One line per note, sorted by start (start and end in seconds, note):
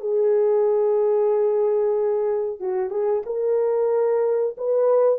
0.00 2.60 G#4
2.60 2.90 F#4
2.90 3.23 G#4
3.26 4.56 A#4
4.57 5.19 B4